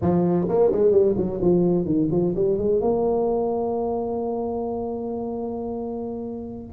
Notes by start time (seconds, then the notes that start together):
0.01 F3
0.48 A#3
0.71 G#3
0.91 G3
1.17 F#3
1.41 F3
1.85 D#3
2.11 F3
2.35 G3
2.58 G#3
2.80 A#3